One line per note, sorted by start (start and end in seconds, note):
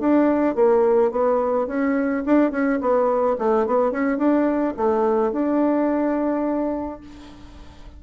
0.00 0.56 D4
0.56 1.11 A#3
1.11 1.67 B3
1.67 2.24 C#4
2.26 2.52 D4
2.52 2.80 C#4
2.81 3.37 B3
3.38 3.67 A3
3.67 3.92 B3
3.92 4.18 C#4
4.18 4.74 D4
4.77 5.32 A3
5.32 7.01 D4